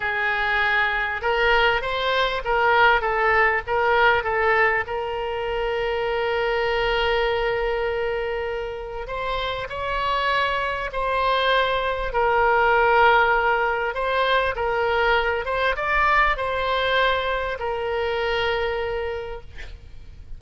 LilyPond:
\new Staff \with { instrumentName = "oboe" } { \time 4/4 \tempo 4 = 99 gis'2 ais'4 c''4 | ais'4 a'4 ais'4 a'4 | ais'1~ | ais'2. c''4 |
cis''2 c''2 | ais'2. c''4 | ais'4. c''8 d''4 c''4~ | c''4 ais'2. | }